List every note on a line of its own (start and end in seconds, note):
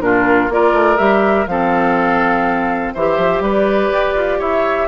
0.00 0.49 A#2
0.00 0.50 D4
0.00 0.53 F4
0.00 0.50 A#4
0.49 0.73 A#3
0.49 0.97 F4
0.49 1.50 A#4
0.49 0.98 D5
0.73 0.97 A3
0.97 1.47 G3
0.97 1.46 G4
0.97 1.47 E5
1.47 2.93 F3
1.47 2.97 C4
1.47 2.94 A4
1.47 2.94 F5
2.94 3.18 E3
2.94 4.87 G4
2.94 3.43 C5
2.94 3.43 E5
3.18 3.40 F3
3.40 3.89 G3
3.40 4.38 B4
3.40 4.41 D5
3.92 4.15 G4
4.15 4.39 F4
4.38 4.87 E4
4.38 4.87 C#5
4.38 4.87 E5